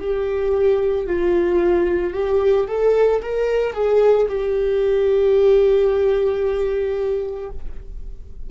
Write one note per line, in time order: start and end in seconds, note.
0.00 1.07 G4
1.07 2.13 F4
2.13 2.67 G4
2.67 3.21 A4
3.21 3.74 A#4
3.74 4.27 G#4
4.29 7.50 G4